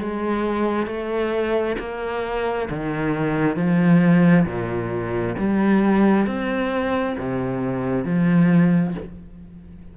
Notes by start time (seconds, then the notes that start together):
0.00 G#3
0.87 A3
1.79 A#3
2.70 D#3
3.56 F3
4.46 A#2
5.39 G3
6.26 C4
7.18 C3
8.05 F3